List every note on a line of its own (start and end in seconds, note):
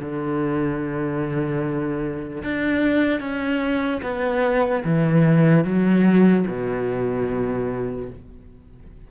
0.00 2.43 D3
2.44 3.20 D4
3.20 4.01 C#4
4.03 4.84 B3
4.85 5.65 E3
5.65 6.46 F#3
6.48 8.10 B2